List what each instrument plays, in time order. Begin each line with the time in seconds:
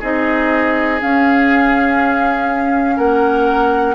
0.00 bassoon C4, clarinet D#4, oboe G#4, flute D#5
1.01 clarinet C#4, bassoon C#4, flute F5
2.97 bassoon A#3, oboe A#4, flute F#5